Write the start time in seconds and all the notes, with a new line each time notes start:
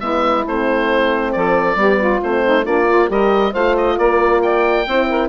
0.00 G#3 B3 E4 E5
0.45 A3 C4 C5
1.32 F3 A4 D5
1.76 G3 B3 G4
1.99 F4
2.22 A3 C4 C5
2.44 D#4
2.65 A#3 D4 F4 D5
2.88 F4
3.08 G3 G4 A#4 D#5
3.52 A3 F4 C5 F5
3.77 D#5
3.98 A#3 A#4 D5
4.42 D5 G5
4.86 C4 E4 C5
5.10 A#4